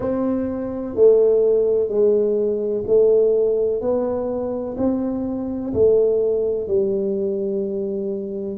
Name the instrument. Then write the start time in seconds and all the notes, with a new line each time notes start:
tuba
0.00 C4
0.95 A3
1.88 G#3
2.86 A3
3.81 B3
4.77 C4
5.73 A3
6.67 G3